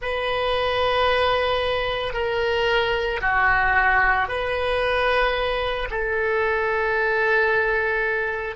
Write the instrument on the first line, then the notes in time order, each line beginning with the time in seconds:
oboe
0.01 B4
2.13 A#4
3.21 F#4
4.28 B4
5.90 A4